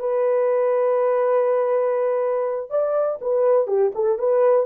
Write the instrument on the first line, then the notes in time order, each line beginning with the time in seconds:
horn
0.00 B4
2.70 D5
3.22 B4
3.68 G4
3.95 A4
4.19 B4